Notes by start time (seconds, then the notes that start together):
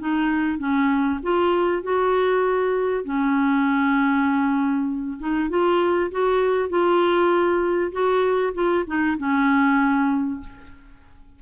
0.00 D#4
0.59 C#4
1.23 F4
1.83 F#4
3.05 C#4
5.20 D#4
5.50 F4
6.11 F#4
6.70 F4
7.93 F#4
8.54 F4
8.87 D#4
9.18 C#4